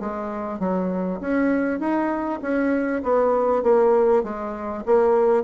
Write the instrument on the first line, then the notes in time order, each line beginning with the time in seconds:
bassoon
0.00 G#3
0.60 F#3
1.21 C#4
1.80 D#4
2.42 C#4
3.03 B3
3.63 A#3
4.23 G#3
4.86 A#3